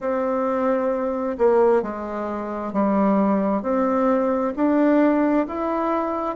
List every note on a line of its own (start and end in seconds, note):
0.00 1.37 C4
1.38 1.82 A#3
1.82 2.72 G#3
2.72 3.62 G3
3.62 4.53 C4
4.55 5.46 D4
5.47 6.35 E4